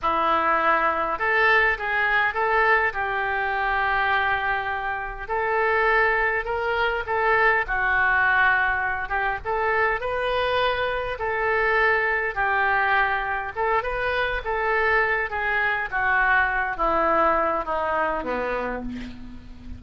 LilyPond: \new Staff \with { instrumentName = "oboe" } { \time 4/4 \tempo 4 = 102 e'2 a'4 gis'4 | a'4 g'2.~ | g'4 a'2 ais'4 | a'4 fis'2~ fis'8 g'8 |
a'4 b'2 a'4~ | a'4 g'2 a'8 b'8~ | b'8 a'4. gis'4 fis'4~ | fis'8 e'4. dis'4 b4 | }